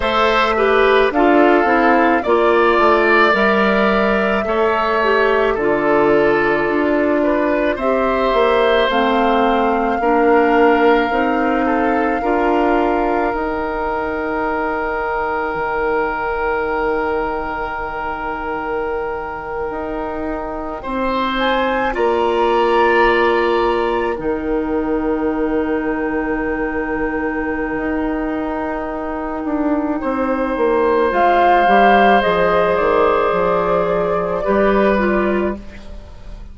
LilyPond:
<<
  \new Staff \with { instrumentName = "flute" } { \time 4/4 \tempo 4 = 54 e''4 f''4 d''4 e''4~ | e''4 d''2 e''4 | f''1 | g''1~ |
g''2.~ g''16 gis''8 ais''16~ | ais''4.~ ais''16 g''2~ g''16~ | g''1 | f''4 dis''8 d''2~ d''8 | }
  \new Staff \with { instrumentName = "oboe" } { \time 4/4 c''8 b'8 a'4 d''2 | cis''4 a'4. b'8 c''4~ | c''4 ais'4. a'8 ais'4~ | ais'1~ |
ais'2~ ais'8. c''4 d''16~ | d''4.~ d''16 ais'2~ ais'16~ | ais'2. c''4~ | c''2. b'4 | }
  \new Staff \with { instrumentName = "clarinet" } { \time 4/4 a'8 g'8 f'8 e'8 f'4 ais'4 | a'8 g'8 f'2 g'4 | c'4 d'4 dis'4 f'4 | dis'1~ |
dis'2.~ dis'8. f'16~ | f'4.~ f'16 dis'2~ dis'16~ | dis'1 | f'8 g'8 gis'2 g'8 f'8 | }
  \new Staff \with { instrumentName = "bassoon" } { \time 4/4 a4 d'8 c'8 ais8 a8 g4 | a4 d4 d'4 c'8 ais8 | a4 ais4 c'4 d'4 | dis'2 dis2~ |
dis4.~ dis16 dis'4 c'4 ais16~ | ais4.~ ais16 dis2~ dis16~ | dis4 dis'4. d'8 c'8 ais8 | gis8 g8 f8 dis8 f4 g4 | }
>>